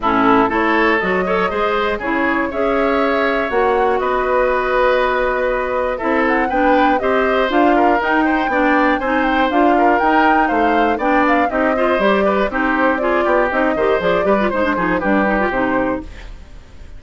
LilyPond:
<<
  \new Staff \with { instrumentName = "flute" } { \time 4/4 \tempo 4 = 120 a'4 cis''4 dis''2 | cis''4 e''2 fis''4 | dis''1 | e''8 fis''8 g''4 dis''4 f''4 |
g''2 gis''8 g''8 f''4 | g''4 f''4 g''8 f''8 dis''4 | d''4 c''4 d''4 dis''4 | d''4 c''4 b'4 c''4 | }
  \new Staff \with { instrumentName = "oboe" } { \time 4/4 e'4 a'4. cis''8 c''4 | gis'4 cis''2. | b'1 | a'4 b'4 c''4. ais'8~ |
ais'8 c''8 d''4 c''4. ais'8~ | ais'4 c''4 d''4 g'8 c''8~ | c''8 b'8 g'4 gis'8 g'4 c''8~ | c''8 b'8 c''8 gis'8 g'2 | }
  \new Staff \with { instrumentName = "clarinet" } { \time 4/4 cis'4 e'4 fis'8 a'8 gis'4 | e'4 gis'2 fis'4~ | fis'1 | e'4 d'4 g'4 f'4 |
dis'4 d'4 dis'4 f'4 | dis'2 d'4 dis'8 f'8 | g'4 dis'4 f'4 dis'8 g'8 | gis'8 g'16 f'16 dis'16 d'16 dis'8 d'8 dis'16 f'16 dis'4 | }
  \new Staff \with { instrumentName = "bassoon" } { \time 4/4 a,4 a4 fis4 gis4 | cis4 cis'2 ais4 | b1 | c'4 b4 c'4 d'4 |
dis'4 b4 c'4 d'4 | dis'4 a4 b4 c'4 | g4 c'4. b8 c'8 dis8 | f8 g8 gis8 f8 g4 c4 | }
>>